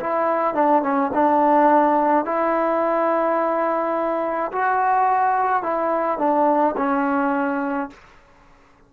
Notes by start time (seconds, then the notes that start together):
0.00 E4
0.55 D4
0.82 C#4
1.13 D4
2.25 E4
4.52 F#4
5.62 E4
6.18 D4
6.77 C#4